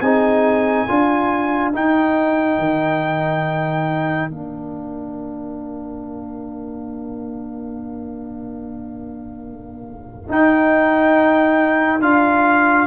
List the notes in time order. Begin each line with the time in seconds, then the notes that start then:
0.00 C4 D#4 G#4 G#5
0.87 D4 F4 A#4
1.73 D#4 G5
2.59 D#3
4.30 A#3 D4 F5
10.29 D#4 G5
12.01 D4 F4 F5